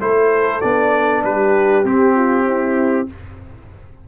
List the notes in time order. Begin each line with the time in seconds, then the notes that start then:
0.00 A3 E4 A4 C5
0.61 B3 D4 D5
1.24 G3 G4 B4
1.84 C4 G4
2.15 F4
2.47 E4